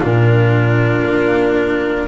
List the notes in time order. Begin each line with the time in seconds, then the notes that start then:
0.00 A#2 D4 F4 A#4
1.04 A#3